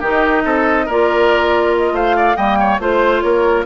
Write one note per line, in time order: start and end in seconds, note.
0.00 0.44 D#3
0.00 0.89 D#4
0.00 0.43 G4
0.00 0.89 D#5
0.44 0.87 C4
0.44 0.86 A4
0.86 1.92 A#3
0.86 2.36 F4
0.86 1.93 A#4
0.86 1.75 D5
1.77 1.96 D#5
1.92 2.35 A3
1.92 2.16 C5
1.92 2.36 F5
2.16 2.36 D5
2.36 2.79 G3
2.36 2.79 A#3
2.36 2.58 D#5
2.36 2.79 G5
2.60 2.81 C#5
2.79 3.22 A3
2.79 3.66 F4
2.79 3.23 C5
2.79 3.21 C5
3.21 3.66 A#3
3.21 3.66 A#4
3.21 3.64 C#5